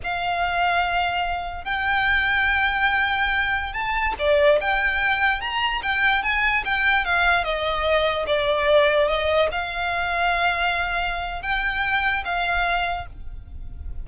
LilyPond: \new Staff \with { instrumentName = "violin" } { \time 4/4 \tempo 4 = 147 f''1 | g''1~ | g''4~ g''16 a''4 d''4 g''8.~ | g''4~ g''16 ais''4 g''4 gis''8.~ |
gis''16 g''4 f''4 dis''4.~ dis''16~ | dis''16 d''2 dis''4 f''8.~ | f''1 | g''2 f''2 | }